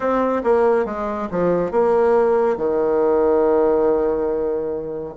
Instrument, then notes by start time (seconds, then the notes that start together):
bassoon
0.00 C4
0.43 A#3
0.85 G#3
1.31 F3
1.71 A#3
2.56 D#3